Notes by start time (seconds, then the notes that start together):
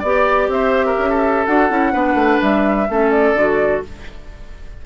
0.00 B3 G4 D5
0.49 C4 C5 E5
0.86 A#4
0.99 C#4
1.10 A4
1.46 D4 F#4 F#5
1.70 C#4 E4
1.93 B3 D4 B4
2.15 A3
2.42 G3 E5
2.89 A3 C#4 A4
3.11 D5
3.34 D3 F#4